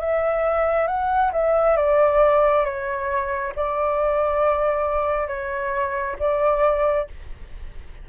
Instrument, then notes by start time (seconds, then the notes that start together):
flute
0.00 E5
0.87 F#5
1.32 E5
1.76 D5
2.65 C#5
3.56 D5
5.27 C#5
6.19 D5